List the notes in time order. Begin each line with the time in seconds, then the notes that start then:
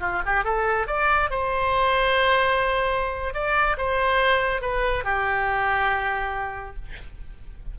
0.00 F4
0.26 G4
0.44 A4
0.87 D5
1.30 C5
3.34 D5
3.77 C5
4.61 B4
5.04 G4